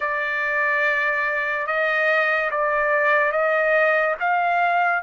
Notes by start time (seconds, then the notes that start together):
0.00 D5
1.67 D#5
2.50 D5
3.31 D#5
4.20 F5